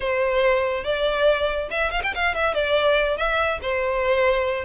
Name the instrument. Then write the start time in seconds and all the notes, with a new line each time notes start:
violin
0.00 C5
0.84 D5
1.70 E5
1.91 F5
2.03 G5
2.14 F5
2.34 E5
2.54 D5
3.17 E5
3.62 C5